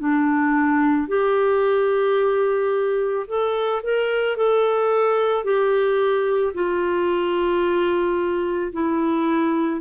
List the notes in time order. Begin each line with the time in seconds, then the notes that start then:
0.00 D4
1.08 G4
3.27 A4
3.83 A#4
4.37 A4
5.44 G4
6.54 F4
8.73 E4